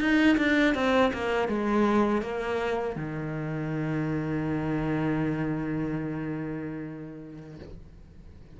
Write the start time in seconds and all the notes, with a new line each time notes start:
0.00 D#4
0.37 D4
0.74 C4
1.13 A#3
1.48 G#3
2.22 A#3
2.96 D#3